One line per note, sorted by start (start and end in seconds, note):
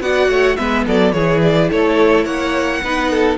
0.00 0.28 B3
0.00 0.57 F#4
0.00 0.29 D5
0.00 0.56 F#5
0.29 0.57 A3
0.29 0.57 C#5
0.56 0.87 G#3
0.56 1.14 B3
0.56 0.85 B4
0.56 0.84 E5
0.87 1.13 F#3
0.87 1.14 A4
0.87 1.13 D5
1.13 1.70 E3
1.13 2.84 E4
1.13 1.70 G#4
1.13 1.41 C#5
1.42 1.70 D5
1.70 2.25 A3
1.70 2.25 A4
1.70 2.25 C#5
2.25 2.81 A#3
2.25 2.81 C#5
2.25 3.37 F#5
2.83 3.38 B3
2.83 3.38 D#4
2.83 3.11 B4
3.11 3.38 A4